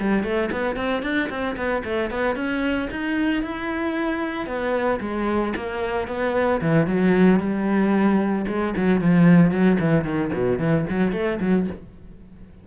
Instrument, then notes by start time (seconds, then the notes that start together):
cello
0.00 G3
0.24 A3
0.52 B3
0.76 C4
1.03 D4
1.30 C4
1.57 B3
1.85 A3
2.10 B3
2.36 C#4
2.91 D#4
3.43 E4
4.46 B3
5.01 G#3
5.56 A#3
6.08 B3
6.62 E3
6.87 F#3
7.40 G3
8.48 G#3
8.77 F#3
9.01 F3
9.51 F#3
9.80 E3
10.05 D#3
10.33 B2
10.59 E3
10.90 F#3
11.13 A3
11.41 F#3